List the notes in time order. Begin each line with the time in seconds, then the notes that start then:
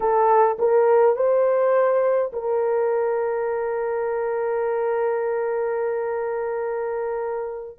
0.00 A4
0.58 A#4
1.15 C5
2.32 A#4